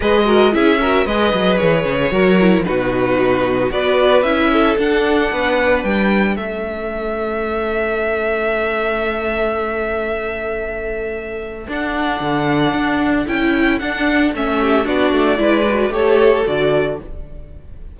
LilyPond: <<
  \new Staff \with { instrumentName = "violin" } { \time 4/4 \tempo 4 = 113 dis''4 e''4 dis''4 cis''4~ | cis''4 b'2 d''4 | e''4 fis''2 g''4 | e''1~ |
e''1~ | e''2 fis''2~ | fis''4 g''4 fis''4 e''4 | d''2 cis''4 d''4 | }
  \new Staff \with { instrumentName = "violin" } { \time 4/4 b'8 ais'8 gis'8 ais'8 b'2 | ais'4 fis'2 b'4~ | b'8 a'4. b'2 | a'1~ |
a'1~ | a'1~ | a'2.~ a'8 g'8 | fis'4 b'4 a'2 | }
  \new Staff \with { instrumentName = "viola" } { \time 4/4 gis'8 fis'8 e'8 fis'8 gis'2 | fis'8 e'8 dis'2 fis'4 | e'4 d'2. | cis'1~ |
cis'1~ | cis'2 d'2~ | d'4 e'4 d'4 cis'4 | d'4 e'8 fis'8 g'4 fis'4 | }
  \new Staff \with { instrumentName = "cello" } { \time 4/4 gis4 cis'4 gis8 fis8 e8 cis8 | fis4 b,2 b4 | cis'4 d'4 b4 g4 | a1~ |
a1~ | a2 d'4 d4 | d'4 cis'4 d'4 a4 | b8 a8 gis4 a4 d4 | }
>>